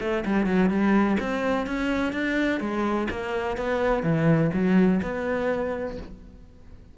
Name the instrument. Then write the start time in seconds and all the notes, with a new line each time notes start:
cello
0.00 A3
0.25 G3
0.46 F#3
0.70 G3
1.20 C4
1.66 C#4
2.12 D4
2.60 G#3
3.10 A#3
3.57 B3
4.03 E3
4.53 F#3
5.02 B3